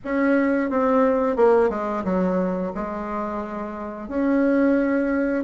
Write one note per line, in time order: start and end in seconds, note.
0.04 0.70 C#4
0.70 1.36 C4
1.36 1.69 A#3
1.69 2.03 G#3
2.04 2.72 F#3
2.75 4.08 G#3
4.08 5.44 C#4